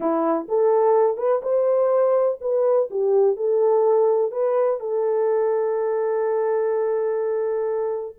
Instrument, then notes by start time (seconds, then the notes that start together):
horn
0.00 E4
0.48 A4
1.17 B4
1.42 C5
2.40 B4
2.90 G4
3.36 A4
4.31 B4
4.80 A4